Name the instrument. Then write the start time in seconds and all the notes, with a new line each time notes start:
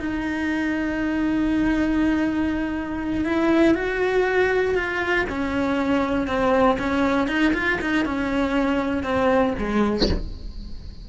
cello
0.00 D#4
3.25 E4
3.75 F#4
4.75 F4
5.30 C#4
6.28 C4
6.79 C#4
7.28 D#4
7.54 F4
7.82 D#4
8.06 C#4
9.03 C4
9.59 G#3